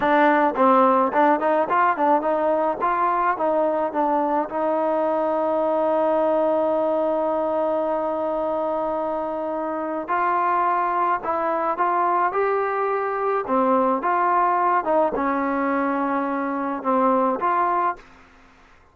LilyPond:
\new Staff \with { instrumentName = "trombone" } { \time 4/4 \tempo 4 = 107 d'4 c'4 d'8 dis'8 f'8 d'8 | dis'4 f'4 dis'4 d'4 | dis'1~ | dis'1~ |
dis'2 f'2 | e'4 f'4 g'2 | c'4 f'4. dis'8 cis'4~ | cis'2 c'4 f'4 | }